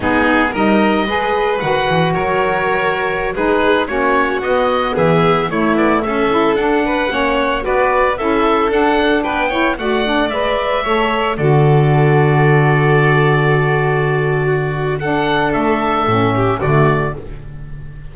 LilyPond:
<<
  \new Staff \with { instrumentName = "oboe" } { \time 4/4 \tempo 4 = 112 gis'4 dis''2 fis''4 | cis''2~ cis''16 b'4 cis''8.~ | cis''16 dis''4 e''4 cis''8 d''8 e''8.~ | e''16 fis''2 d''4 e''8.~ |
e''16 fis''4 g''4 fis''4 e''8.~ | e''4~ e''16 d''2~ d''8.~ | d''1 | fis''4 e''2 d''4 | }
  \new Staff \with { instrumentName = "violin" } { \time 4/4 dis'4 ais'4 b'2 | ais'2~ ais'16 gis'4 fis'8.~ | fis'4~ fis'16 gis'4 e'4 a'8.~ | a'8. b'8 cis''4 b'4 a'8.~ |
a'4~ a'16 b'8 cis''8 d''4.~ d''16~ | d''16 cis''4 a'2~ a'8.~ | a'2. fis'4 | a'2~ a'8 g'8 fis'4 | }
  \new Staff \with { instrumentName = "saxophone" } { \time 4/4 b4 dis'4 gis'4 fis'4~ | fis'2~ fis'16 dis'4 cis'8.~ | cis'16 b2 a4. e'16~ | e'16 d'4 cis'4 fis'4 e'8.~ |
e'16 d'4. e'8 fis'8 d'8 b'8.~ | b'16 a'4 fis'2~ fis'8.~ | fis'1 | d'2 cis'4 a4 | }
  \new Staff \with { instrumentName = "double bass" } { \time 4/4 gis4 g4 gis4 dis8 e8 | fis2~ fis16 gis4 ais8.~ | ais16 b4 e4 a8 b8 cis'8.~ | cis'16 d'4 ais4 b4 cis'8.~ |
cis'16 d'4 b4 a4 gis8.~ | gis16 a4 d2~ d8.~ | d1~ | d4 a4 a,4 d4 | }
>>